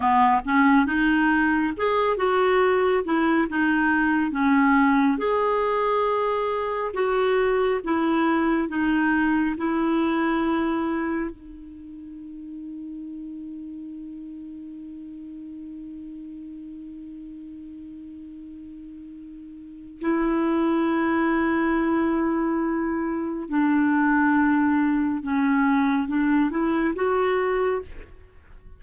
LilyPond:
\new Staff \with { instrumentName = "clarinet" } { \time 4/4 \tempo 4 = 69 b8 cis'8 dis'4 gis'8 fis'4 e'8 | dis'4 cis'4 gis'2 | fis'4 e'4 dis'4 e'4~ | e'4 dis'2.~ |
dis'1~ | dis'2. e'4~ | e'2. d'4~ | d'4 cis'4 d'8 e'8 fis'4 | }